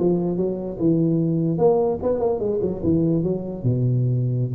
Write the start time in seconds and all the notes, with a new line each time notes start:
0.00 F3
0.37 F#3
0.79 E3
1.58 A#3
2.03 B3
2.20 A#3
2.40 G#3
2.62 F#3
2.84 E3
3.23 F#3
3.63 B2